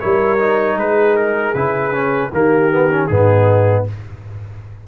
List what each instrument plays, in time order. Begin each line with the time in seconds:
0.00 tuba G3, trombone E4, horn A#4, trumpet C#5
0.39 trombone D#4
0.76 tuba G#3, horn G#4, trumpet B4
1.16 trumpet A#4
1.54 tuba C#3, trombone E4, trumpet B4
1.92 trombone C#4
2.32 tuba D#3, trombone A#3, horn G4, trumpet A#4
2.71 trombone B3
2.91 trombone C#4
3.07 tuba G#2, trombone B3, horn D#4, trumpet G#4